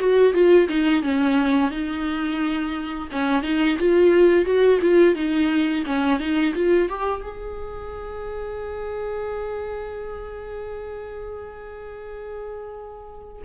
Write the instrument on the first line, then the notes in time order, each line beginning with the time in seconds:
viola
0.00 F#4
0.34 F4
0.69 D#4
1.03 C#4
1.71 D#4
3.12 C#4
3.43 D#4
3.79 F4
4.45 F#4
4.82 F4
5.16 D#4
5.87 C#4
6.20 D#4
6.55 F4
6.89 G4
7.22 G#4